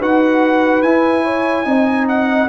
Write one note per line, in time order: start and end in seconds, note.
0.00 0.83 D#4
0.00 0.85 F#4
0.00 1.25 B4
0.00 0.83 F#5
0.83 1.66 E4
0.83 1.65 E4
0.83 2.08 G#5
1.25 1.66 C#5
1.65 2.49 C4
1.65 2.48 D#4
1.65 2.49 D#5
2.09 2.49 F#5